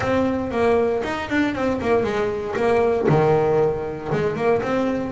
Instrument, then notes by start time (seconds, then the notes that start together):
double bass
0.00 C4
0.51 A#3
1.03 D#4
1.29 D4
1.55 C4
1.81 A#3
2.03 G#3
2.56 A#3
3.08 D#3
4.12 G#3
4.35 A#3
4.62 C4